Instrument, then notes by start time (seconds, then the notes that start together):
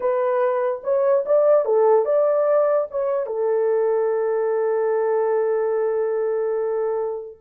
horn
0.00 B4
0.83 C#5
1.25 D5
1.65 A4
2.05 D5
2.90 C#5
3.26 A4